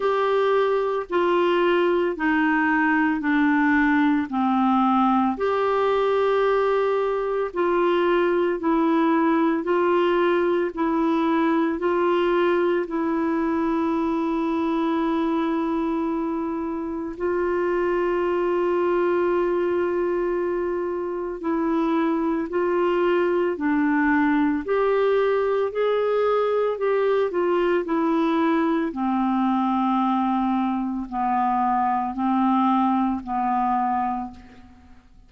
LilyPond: \new Staff \with { instrumentName = "clarinet" } { \time 4/4 \tempo 4 = 56 g'4 f'4 dis'4 d'4 | c'4 g'2 f'4 | e'4 f'4 e'4 f'4 | e'1 |
f'1 | e'4 f'4 d'4 g'4 | gis'4 g'8 f'8 e'4 c'4~ | c'4 b4 c'4 b4 | }